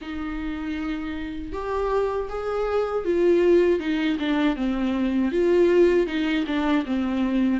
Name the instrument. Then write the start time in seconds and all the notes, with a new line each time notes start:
viola
0.01 D#4
1.52 G4
2.29 G#4
3.04 F4
3.79 D#4
4.19 D4
4.56 C4
5.31 F4
6.06 D#4
6.47 D4
6.85 C4